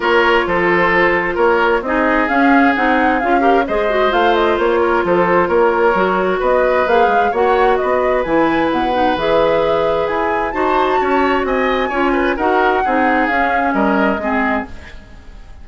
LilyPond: <<
  \new Staff \with { instrumentName = "flute" } { \time 4/4 \tempo 4 = 131 cis''4 c''2 cis''4 | dis''4 f''4 fis''4 f''4 | dis''4 f''8 dis''8 cis''4 c''4 | cis''2 dis''4 f''4 |
fis''4 dis''4 gis''4 fis''4 | e''2 gis''4 a''4~ | a''4 gis''2 fis''4~ | fis''4 f''4 dis''2 | }
  \new Staff \with { instrumentName = "oboe" } { \time 4/4 ais'4 a'2 ais'4 | gis'2.~ gis'8 ais'8 | c''2~ c''8 ais'8 a'4 | ais'2 b'2 |
cis''4 b'2.~ | b'2. c''4 | cis''4 dis''4 cis''8 b'8 ais'4 | gis'2 ais'4 gis'4 | }
  \new Staff \with { instrumentName = "clarinet" } { \time 4/4 f'1 | dis'4 cis'4 dis'4 f'8 g'8 | gis'8 fis'8 f'2.~ | f'4 fis'2 gis'4 |
fis'2 e'4. dis'8 | gis'2. fis'4~ | fis'2 f'4 fis'4 | dis'4 cis'2 c'4 | }
  \new Staff \with { instrumentName = "bassoon" } { \time 4/4 ais4 f2 ais4 | c'4 cis'4 c'4 cis'4 | gis4 a4 ais4 f4 | ais4 fis4 b4 ais8 gis8 |
ais4 b4 e4 b,4 | e2 e'4 dis'4 | cis'4 c'4 cis'4 dis'4 | c'4 cis'4 g4 gis4 | }
>>